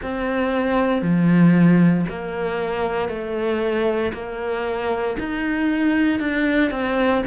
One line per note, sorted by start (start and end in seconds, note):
0.02 1.02 C4
1.02 2.05 F3
2.09 3.08 A#3
3.08 4.12 A3
4.13 5.16 A#3
5.19 6.19 D#4
6.19 6.70 D4
6.70 7.22 C4